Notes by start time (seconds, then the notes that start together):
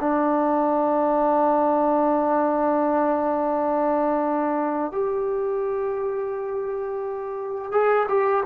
0.00 D4
4.92 G4
7.72 G#4
8.09 G4